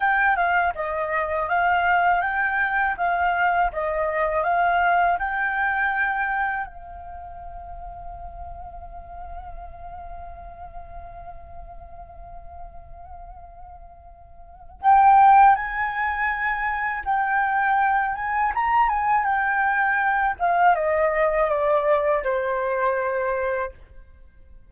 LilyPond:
\new Staff \with { instrumentName = "flute" } { \time 4/4 \tempo 4 = 81 g''8 f''8 dis''4 f''4 g''4 | f''4 dis''4 f''4 g''4~ | g''4 f''2.~ | f''1~ |
f''1 | g''4 gis''2 g''4~ | g''8 gis''8 ais''8 gis''8 g''4. f''8 | dis''4 d''4 c''2 | }